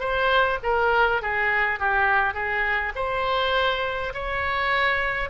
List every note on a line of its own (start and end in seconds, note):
0.00 0.59 C5
0.63 1.22 A#4
1.22 1.80 G#4
1.80 2.34 G4
2.34 2.93 G#4
2.95 4.13 C5
4.14 5.30 C#5